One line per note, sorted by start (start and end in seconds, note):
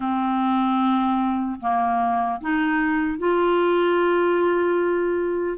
0.00 1.60 C4
1.60 2.40 A#3
2.40 3.18 D#4
3.18 5.58 F4